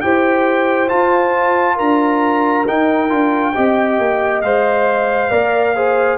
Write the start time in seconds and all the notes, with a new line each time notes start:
0.00 E4 G4 C5 G5
0.88 F4 A5
1.75 D4 A#4 A#5
2.67 D#4 G5
3.09 D4 F4
3.55 C4 G4 D#5
3.98 A#3
4.41 G#3 C5 F5
5.30 A#3 A#4 D5
5.75 G#4 C5